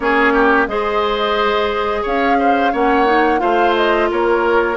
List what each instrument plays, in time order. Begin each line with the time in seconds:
0.00 bassoon A#3, clarinet C#4, oboe G#4, flute C#5
0.33 oboe G4
0.67 bassoon G#3, clarinet G#4, oboe C5, flute D#5
2.02 bassoon C#4, oboe C#5, flute F5
2.39 oboe C5
2.72 bassoon A#3, clarinet C#4, oboe C#5, flute F#5
3.06 clarinet D#4
3.38 bassoon A3, clarinet F4, oboe C5, flute F5
3.75 flute D#5
4.10 bassoon A#3, oboe A#4, flute C#5